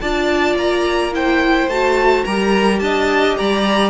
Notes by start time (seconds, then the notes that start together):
0.00 D4 F4 D5 A5
0.55 A#3 A#5
1.13 E4 C5 G5
1.67 A3 F#4 A5
2.24 G3 G4 A#4 A#5
2.79 D4 D#5 A5
3.37 G3 D5 A#5